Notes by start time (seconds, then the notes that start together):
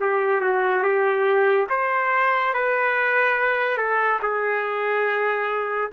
0.00 G4
0.41 F#4
0.83 G4
1.69 C5
2.54 B4
3.77 A4
4.22 G#4